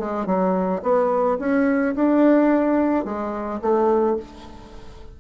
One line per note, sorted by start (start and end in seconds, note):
0.00 0.27 G#3
0.27 0.82 F#3
0.83 1.38 B3
1.40 1.95 C#4
1.96 3.05 D4
3.05 3.61 G#3
3.62 4.17 A3